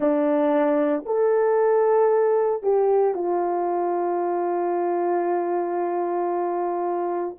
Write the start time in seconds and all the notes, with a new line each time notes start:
0.00 D4
1.05 A4
2.63 G4
3.14 F4